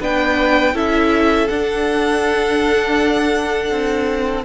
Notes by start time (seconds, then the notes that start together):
0.00 B3 D4 B4 G5
0.73 C#4 E4 A4 E5
1.48 D4 F#5
3.71 C4